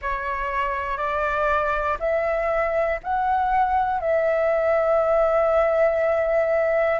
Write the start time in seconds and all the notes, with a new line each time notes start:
0.01 C#5
0.97 D5
1.99 E5
3.03 F#5
4.00 E5